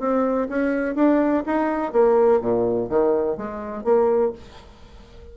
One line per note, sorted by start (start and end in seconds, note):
0.00 0.48 C4
0.49 0.96 C#4
0.96 1.44 D4
1.46 1.93 D#4
1.93 2.41 A#3
2.41 2.89 A#2
2.89 3.38 D#3
3.38 3.84 G#3
3.84 4.33 A#3